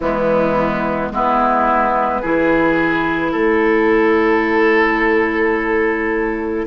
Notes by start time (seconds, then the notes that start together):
0.00 E3 G#3 B3 E4
1.10 G#3 B3 E4 B4
2.21 E3 E4 G#4
3.31 A3 A4 C#5